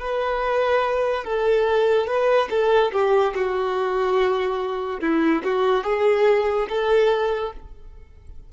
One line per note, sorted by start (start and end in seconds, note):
0.00 1.24 B4
1.24 2.07 A4
2.07 2.48 B4
2.50 2.92 A4
2.92 3.34 G4
3.34 5.00 F#4
5.00 5.42 E4
5.44 5.84 F#4
5.84 6.67 G#4
6.69 7.52 A4